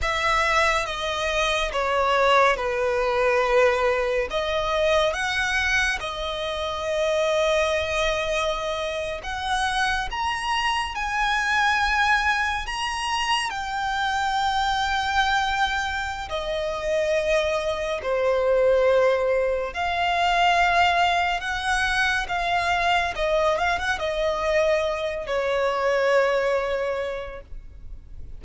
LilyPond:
\new Staff \with { instrumentName = "violin" } { \time 4/4 \tempo 4 = 70 e''4 dis''4 cis''4 b'4~ | b'4 dis''4 fis''4 dis''4~ | dis''2~ dis''8. fis''4 ais''16~ | ais''8. gis''2 ais''4 g''16~ |
g''2. dis''4~ | dis''4 c''2 f''4~ | f''4 fis''4 f''4 dis''8 f''16 fis''16 | dis''4. cis''2~ cis''8 | }